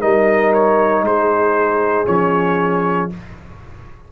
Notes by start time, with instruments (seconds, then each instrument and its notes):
0.00 tuba G3, trombone D#4, horn A#4, trumpet D#5
0.53 trumpet C#5
1.02 tuba G#3, horn G#4, trumpet C5
2.07 tuba F3, trombone C#4, trumpet C#5